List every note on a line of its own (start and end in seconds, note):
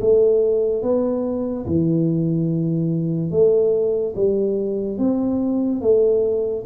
0.00 0.82 A3
0.82 1.65 B3
1.66 3.31 E3
3.31 4.14 A3
4.15 4.98 G3
4.98 5.81 C4
5.81 6.64 A3